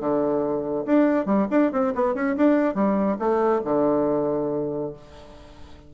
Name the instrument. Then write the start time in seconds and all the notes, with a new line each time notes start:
bassoon
0.00 D3
0.86 D4
1.26 G3
1.51 D4
1.72 C4
1.95 B3
2.15 C#4
2.36 D4
2.74 G3
3.19 A3
3.64 D3